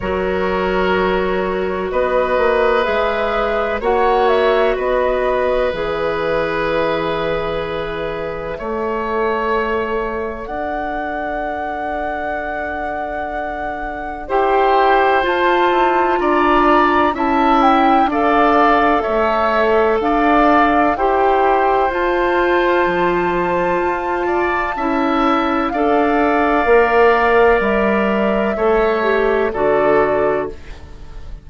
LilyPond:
<<
  \new Staff \with { instrumentName = "flute" } { \time 4/4 \tempo 4 = 63 cis''2 dis''4 e''4 | fis''8 e''8 dis''4 e''2~ | e''2. fis''4~ | fis''2. g''4 |
a''4 ais''4 a''8 g''8 f''4 | e''4 f''4 g''4 a''4~ | a''2. f''4~ | f''4 e''2 d''4 | }
  \new Staff \with { instrumentName = "oboe" } { \time 4/4 ais'2 b'2 | cis''4 b'2.~ | b'4 cis''2 d''4~ | d''2. c''4~ |
c''4 d''4 e''4 d''4 | cis''4 d''4 c''2~ | c''4. d''8 e''4 d''4~ | d''2 cis''4 a'4 | }
  \new Staff \with { instrumentName = "clarinet" } { \time 4/4 fis'2. gis'4 | fis'2 gis'2~ | gis'4 a'2.~ | a'2. g'4 |
f'2 e'4 a'4~ | a'2 g'4 f'4~ | f'2 e'4 a'4 | ais'2 a'8 g'8 fis'4 | }
  \new Staff \with { instrumentName = "bassoon" } { \time 4/4 fis2 b8 ais8 gis4 | ais4 b4 e2~ | e4 a2 d'4~ | d'2. e'4 |
f'8 e'8 d'4 cis'4 d'4 | a4 d'4 e'4 f'4 | f4 f'4 cis'4 d'4 | ais4 g4 a4 d4 | }
>>